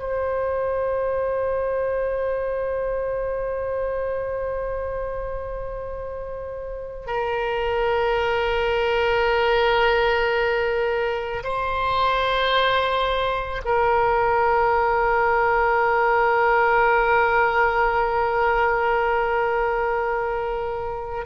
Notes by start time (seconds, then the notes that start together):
0.00 C5
7.07 A#4
11.43 C5
13.65 A#4